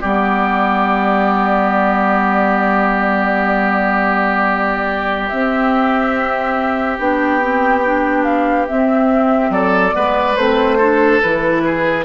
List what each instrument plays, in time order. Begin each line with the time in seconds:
0.00 bassoon G3, clarinet B3, oboe G4, flute D5
5.28 clarinet C4, bassoon C4, flute E5
6.98 bassoon B3, clarinet D4, flute G5
7.41 clarinet C4
7.85 clarinet D4
8.24 flute F5
8.67 clarinet C4, bassoon C4, flute E5
9.49 bassoon F#3, oboe A4, flute D5
9.91 bassoon G#3, clarinet B3, oboe B4
10.36 bassoon A3, clarinet C4, flute C5
10.77 clarinet D4, oboe A4
11.21 bassoon E3, clarinet E4, flute B4
11.65 oboe G#4